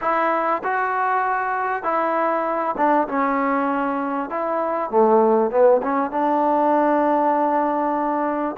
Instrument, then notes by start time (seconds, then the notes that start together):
trombone
0.01 E4
0.63 F#4
1.83 E4
2.77 D4
3.08 C#4
4.30 E4
4.90 A3
5.50 B3
5.82 C#4
6.11 D4